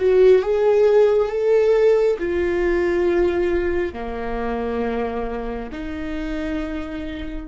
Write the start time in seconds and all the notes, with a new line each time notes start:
0.00 F#4
0.43 G#4
1.30 A4
2.20 F4
3.94 A#3
5.72 D#4